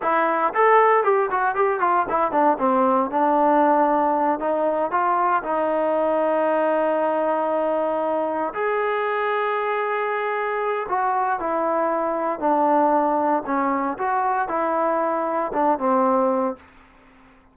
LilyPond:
\new Staff \with { instrumentName = "trombone" } { \time 4/4 \tempo 4 = 116 e'4 a'4 g'8 fis'8 g'8 f'8 | e'8 d'8 c'4 d'2~ | d'8 dis'4 f'4 dis'4.~ | dis'1~ |
dis'8 gis'2.~ gis'8~ | gis'4 fis'4 e'2 | d'2 cis'4 fis'4 | e'2 d'8 c'4. | }